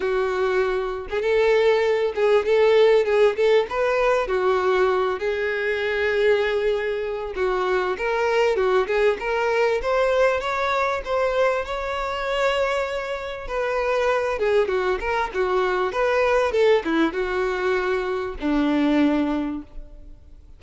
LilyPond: \new Staff \with { instrumentName = "violin" } { \time 4/4 \tempo 4 = 98 fis'4.~ fis'16 gis'16 a'4. gis'8 | a'4 gis'8 a'8 b'4 fis'4~ | fis'8 gis'2.~ gis'8 | fis'4 ais'4 fis'8 gis'8 ais'4 |
c''4 cis''4 c''4 cis''4~ | cis''2 b'4. gis'8 | fis'8 ais'8 fis'4 b'4 a'8 e'8 | fis'2 d'2 | }